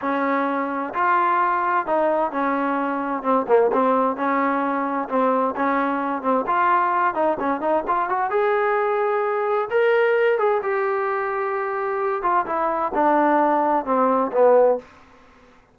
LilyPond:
\new Staff \with { instrumentName = "trombone" } { \time 4/4 \tempo 4 = 130 cis'2 f'2 | dis'4 cis'2 c'8 ais8 | c'4 cis'2 c'4 | cis'4. c'8 f'4. dis'8 |
cis'8 dis'8 f'8 fis'8 gis'2~ | gis'4 ais'4. gis'8 g'4~ | g'2~ g'8 f'8 e'4 | d'2 c'4 b4 | }